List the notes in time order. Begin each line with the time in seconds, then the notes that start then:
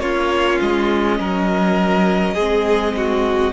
0.00 A#3 C#4 F4 C#5
0.62 G#3 D#5
1.20 F#3 A#4
2.34 G#3 C4 G#4
2.97 F#4